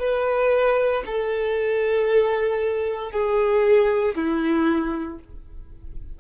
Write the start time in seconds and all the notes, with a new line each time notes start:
0.00 B4
1.06 A4
3.12 G#4
4.16 E4